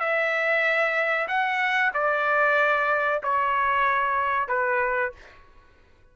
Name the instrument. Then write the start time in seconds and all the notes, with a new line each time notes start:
trumpet
0.00 E5
1.28 F#5
1.94 D5
3.23 C#5
4.48 B4